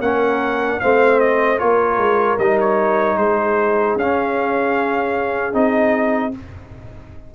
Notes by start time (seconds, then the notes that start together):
0.00 A#3 C#4 A#4 F#5
0.80 A3 C4 C5 F5
1.19 D#5
1.59 A#3 F4 A#4 C#5
1.98 G#3
2.39 G3 D#4 D#5
2.60 C#5
3.17 G#3 G#4 C5
3.95 C#4 F5
5.53 C4 D#4 D#5